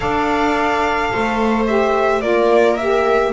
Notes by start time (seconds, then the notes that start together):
0.00 D4 A4 D5 F5
1.12 A3 C5
1.66 G4 E5
2.21 A#3 F4 A#4 D5
2.76 G4 E5